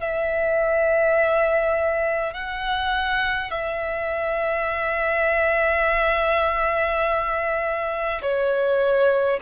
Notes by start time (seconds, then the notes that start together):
0.00 E5
2.34 F#5
3.51 E5
8.22 C#5